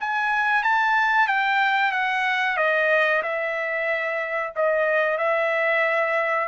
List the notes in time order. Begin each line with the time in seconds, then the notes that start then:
0.00 G#5
0.63 A5
1.27 G5
1.92 F#5
2.57 D#5
3.22 E5
4.55 D#5
5.17 E5